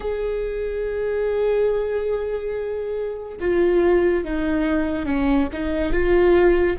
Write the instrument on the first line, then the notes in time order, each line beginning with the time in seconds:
viola
0.00 G#4
3.40 F4
4.24 D#4
5.05 C#4
5.52 D#4
5.92 F4